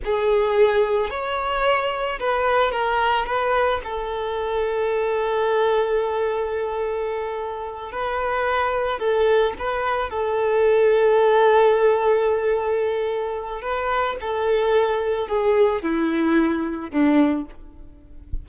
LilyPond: \new Staff \with { instrumentName = "violin" } { \time 4/4 \tempo 4 = 110 gis'2 cis''2 | b'4 ais'4 b'4 a'4~ | a'1~ | a'2~ a'8 b'4.~ |
b'8 a'4 b'4 a'4.~ | a'1~ | a'4 b'4 a'2 | gis'4 e'2 d'4 | }